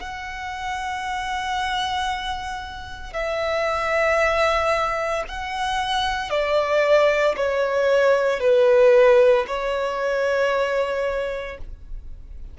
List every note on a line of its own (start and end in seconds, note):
0.00 3.13 F#5
3.13 5.24 E5
5.28 6.30 F#5
6.30 7.35 D5
7.36 8.40 C#5
8.40 9.45 B4
9.47 11.58 C#5